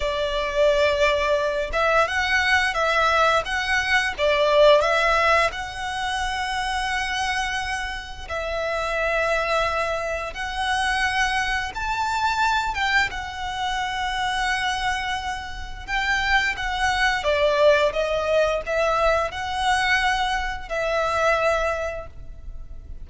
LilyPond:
\new Staff \with { instrumentName = "violin" } { \time 4/4 \tempo 4 = 87 d''2~ d''8 e''8 fis''4 | e''4 fis''4 d''4 e''4 | fis''1 | e''2. fis''4~ |
fis''4 a''4. g''8 fis''4~ | fis''2. g''4 | fis''4 d''4 dis''4 e''4 | fis''2 e''2 | }